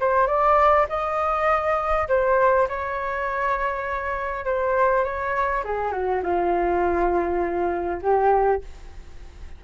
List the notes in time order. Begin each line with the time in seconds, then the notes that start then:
0.00 C5
0.26 D5
0.89 D#5
2.08 C5
2.68 C#5
4.45 C5
5.04 C#5
5.64 G#4
5.92 F#4
6.23 F4
8.02 G4